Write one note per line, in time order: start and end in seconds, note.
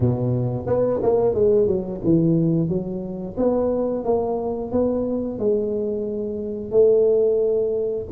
0.00 0.66 B2
0.66 1.00 B3
1.02 1.34 A#3
1.34 1.67 G#3
1.67 2.00 F#3
2.03 2.68 E3
2.68 3.36 F#3
3.37 4.04 B3
4.04 4.71 A#3
4.71 5.38 B3
5.38 6.71 G#3
6.71 8.06 A3